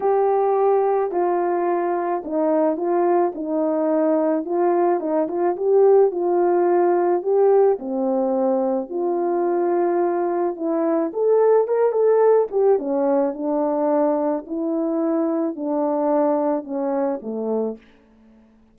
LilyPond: \new Staff \with { instrumentName = "horn" } { \time 4/4 \tempo 4 = 108 g'2 f'2 | dis'4 f'4 dis'2 | f'4 dis'8 f'8 g'4 f'4~ | f'4 g'4 c'2 |
f'2. e'4 | a'4 ais'8 a'4 g'8 cis'4 | d'2 e'2 | d'2 cis'4 a4 | }